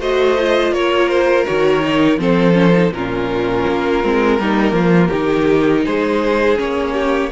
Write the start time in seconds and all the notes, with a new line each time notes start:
0.00 A3 F#4 C5 D#5
0.39 F4
0.72 A#3 A#4 C#5
1.08 C5
1.46 D#3 F#4 C#5
1.81 D#4
2.18 F3 C4 A4 C5
2.53 C#4
2.73 D#4
2.91 A#2 C#4 F4 A#4
3.68 A#3
4.04 G#3 C4
4.39 G3 A#3 D#4
4.72 F3 F4
5.08 D#3 D#4 G4
5.85 G#3 G#4 C5
6.56 A#3 C#4 C#5
6.94 G4